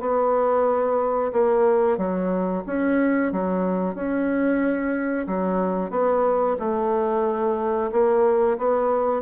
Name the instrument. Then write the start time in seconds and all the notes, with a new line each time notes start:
bassoon
0.00 B3
1.32 A#3
1.98 F#3
2.66 C#4
3.32 F#3
3.95 C#4
5.27 F#3
5.90 B3
6.59 A3
7.92 A#3
8.58 B3